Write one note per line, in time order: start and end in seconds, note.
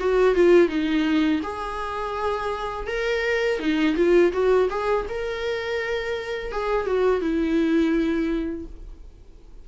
0.00 0.35 F#4
0.35 0.68 F4
0.68 1.41 D#4
1.43 2.87 G#4
2.87 3.59 A#4
3.59 3.96 D#4
3.96 4.32 F4
4.33 4.69 F#4
4.70 5.06 G#4
5.09 6.52 A#4
6.52 6.86 G#4
6.86 7.21 F#4
7.21 8.66 E4